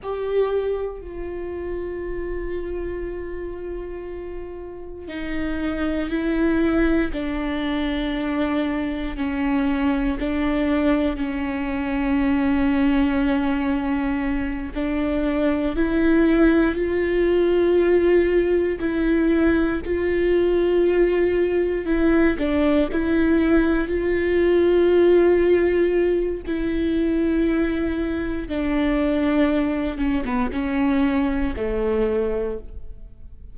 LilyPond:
\new Staff \with { instrumentName = "viola" } { \time 4/4 \tempo 4 = 59 g'4 f'2.~ | f'4 dis'4 e'4 d'4~ | d'4 cis'4 d'4 cis'4~ | cis'2~ cis'8 d'4 e'8~ |
e'8 f'2 e'4 f'8~ | f'4. e'8 d'8 e'4 f'8~ | f'2 e'2 | d'4. cis'16 b16 cis'4 a4 | }